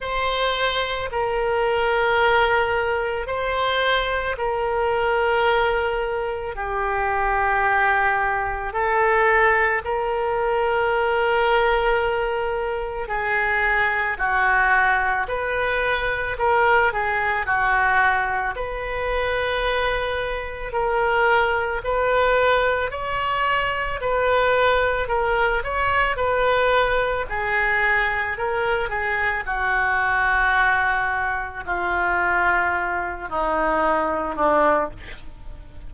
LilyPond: \new Staff \with { instrumentName = "oboe" } { \time 4/4 \tempo 4 = 55 c''4 ais'2 c''4 | ais'2 g'2 | a'4 ais'2. | gis'4 fis'4 b'4 ais'8 gis'8 |
fis'4 b'2 ais'4 | b'4 cis''4 b'4 ais'8 cis''8 | b'4 gis'4 ais'8 gis'8 fis'4~ | fis'4 f'4. dis'4 d'8 | }